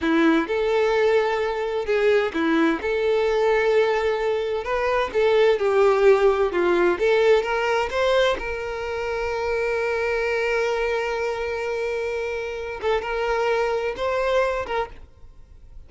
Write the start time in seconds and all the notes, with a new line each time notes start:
0.01 E4
0.47 A4
1.85 G#4
2.33 E4
2.81 A4
4.64 B4
5.13 A4
5.59 G4
6.52 F4
6.99 A4
7.42 A#4
7.90 C5
8.38 A#4
12.81 A4
13.01 A#4
13.96 C5
14.66 A#4